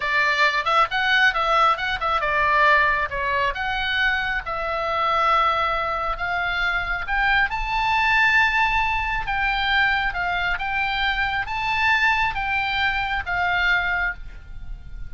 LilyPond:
\new Staff \with { instrumentName = "oboe" } { \time 4/4 \tempo 4 = 136 d''4. e''8 fis''4 e''4 | fis''8 e''8 d''2 cis''4 | fis''2 e''2~ | e''2 f''2 |
g''4 a''2.~ | a''4 g''2 f''4 | g''2 a''2 | g''2 f''2 | }